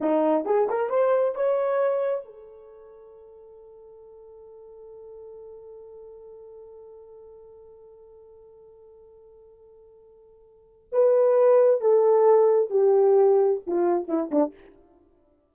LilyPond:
\new Staff \with { instrumentName = "horn" } { \time 4/4 \tempo 4 = 132 dis'4 gis'8 ais'8 c''4 cis''4~ | cis''4 a'2.~ | a'1~ | a'1~ |
a'1~ | a'1 | b'2 a'2 | g'2 f'4 e'8 d'8 | }